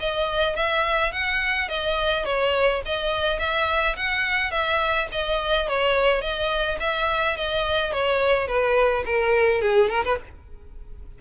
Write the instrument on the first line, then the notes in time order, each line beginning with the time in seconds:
violin
0.00 D#5
0.56 E5
1.12 F#5
1.69 D#5
2.25 C#5
2.86 D#5
3.39 E5
3.96 F#5
4.51 E5
5.12 D#5
5.68 C#5
6.22 D#5
6.80 E5
7.37 D#5
7.93 C#5
8.48 B4
9.05 A#4
9.62 G#4
9.90 A#4
10.05 B4